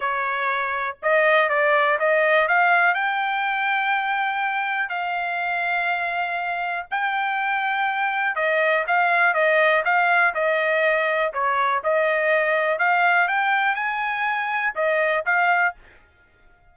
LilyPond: \new Staff \with { instrumentName = "trumpet" } { \time 4/4 \tempo 4 = 122 cis''2 dis''4 d''4 | dis''4 f''4 g''2~ | g''2 f''2~ | f''2 g''2~ |
g''4 dis''4 f''4 dis''4 | f''4 dis''2 cis''4 | dis''2 f''4 g''4 | gis''2 dis''4 f''4 | }